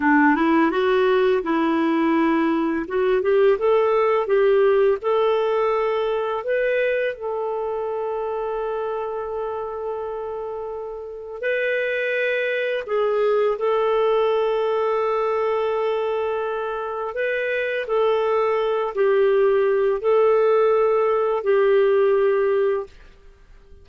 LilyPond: \new Staff \with { instrumentName = "clarinet" } { \time 4/4 \tempo 4 = 84 d'8 e'8 fis'4 e'2 | fis'8 g'8 a'4 g'4 a'4~ | a'4 b'4 a'2~ | a'1 |
b'2 gis'4 a'4~ | a'1 | b'4 a'4. g'4. | a'2 g'2 | }